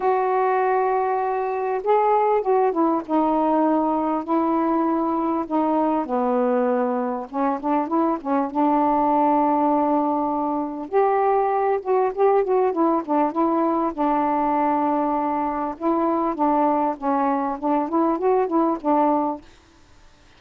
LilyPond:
\new Staff \with { instrumentName = "saxophone" } { \time 4/4 \tempo 4 = 99 fis'2. gis'4 | fis'8 e'8 dis'2 e'4~ | e'4 dis'4 b2 | cis'8 d'8 e'8 cis'8 d'2~ |
d'2 g'4. fis'8 | g'8 fis'8 e'8 d'8 e'4 d'4~ | d'2 e'4 d'4 | cis'4 d'8 e'8 fis'8 e'8 d'4 | }